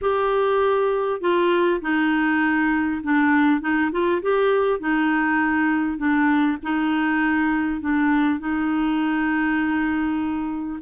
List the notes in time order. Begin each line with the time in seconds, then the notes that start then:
0.01 G4
1.20 F4
1.81 D#4
3.03 D4
3.60 D#4
3.91 F4
4.22 G4
4.79 D#4
5.97 D4
6.62 D#4
7.80 D4
8.39 D#4